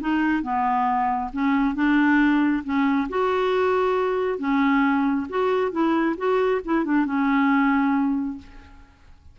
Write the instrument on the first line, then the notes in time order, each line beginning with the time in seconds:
clarinet
0.00 D#4
0.43 B3
1.33 C#4
1.75 D4
2.64 C#4
3.09 F#4
4.38 C#4
5.29 F#4
5.72 E4
6.17 F#4
6.65 E4
6.85 D4
7.06 C#4